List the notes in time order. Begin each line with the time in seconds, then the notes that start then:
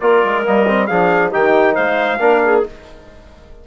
0.00 A#3 F4 A#4 D5
0.24 G#3
0.44 G3 A#3 D#5
0.67 C4
0.86 F3 D4 G#4 F5
1.31 D#3 D#4 G4 G5
1.73 G#3 C5 F5
2.19 A#3 D4 A#4
2.44 G#4